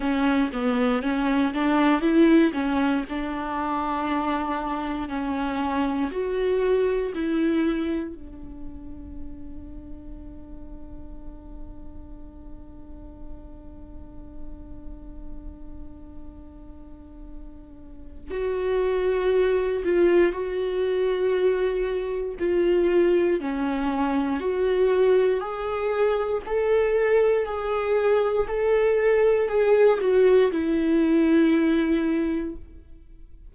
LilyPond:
\new Staff \with { instrumentName = "viola" } { \time 4/4 \tempo 4 = 59 cis'8 b8 cis'8 d'8 e'8 cis'8 d'4~ | d'4 cis'4 fis'4 e'4 | d'1~ | d'1~ |
d'2 fis'4. f'8 | fis'2 f'4 cis'4 | fis'4 gis'4 a'4 gis'4 | a'4 gis'8 fis'8 e'2 | }